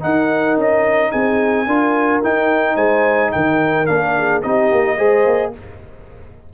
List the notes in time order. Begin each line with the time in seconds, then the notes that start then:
0.00 D#4 A#4 F#5
0.57 C#4 D#5
1.11 C4 G#4 G#5
1.66 D4 F4 A#4
2.22 D#4 G5
2.75 G#3 C5 G#5
3.31 D#3 A#4 G5
3.86 A#3 D4 F5
4.17 G#4
4.42 C4 D#4 G4 D#5
4.71 A#3
4.97 G#3 G#4 C5
5.26 A#3